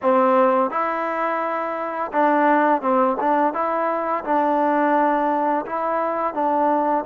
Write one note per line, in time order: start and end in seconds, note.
0.02 0.70 C4
0.70 2.11 E4
2.12 2.81 D4
2.81 3.16 C4
3.20 3.53 D4
3.53 4.24 E4
4.24 5.65 D4
5.65 6.34 E4
6.34 7.04 D4